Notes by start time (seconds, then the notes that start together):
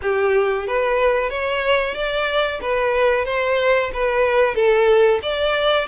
0.01 G4
0.67 B4
1.30 C#5
1.94 D5
2.61 B4
3.25 C5
3.93 B4
4.54 A4
5.22 D5